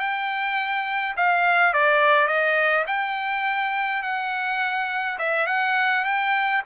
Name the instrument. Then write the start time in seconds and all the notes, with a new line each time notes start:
trumpet
0.00 G5
1.17 F5
1.74 D5
2.27 D#5
2.87 G5
4.03 F#5
5.19 E5
5.47 F#5
6.05 G5